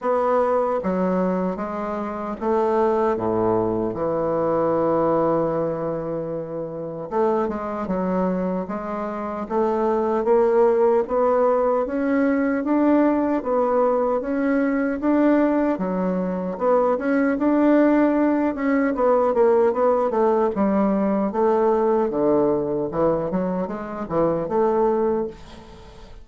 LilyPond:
\new Staff \with { instrumentName = "bassoon" } { \time 4/4 \tempo 4 = 76 b4 fis4 gis4 a4 | a,4 e2.~ | e4 a8 gis8 fis4 gis4 | a4 ais4 b4 cis'4 |
d'4 b4 cis'4 d'4 | fis4 b8 cis'8 d'4. cis'8 | b8 ais8 b8 a8 g4 a4 | d4 e8 fis8 gis8 e8 a4 | }